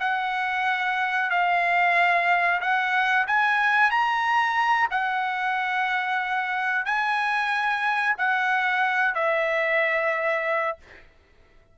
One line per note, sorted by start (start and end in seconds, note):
0.00 1.30 F#5
1.30 2.61 F5
2.61 3.26 F#5
3.27 3.91 G#5
3.91 4.89 A#5
4.91 6.85 F#5
6.85 8.16 G#5
8.18 9.15 F#5
9.15 10.78 E5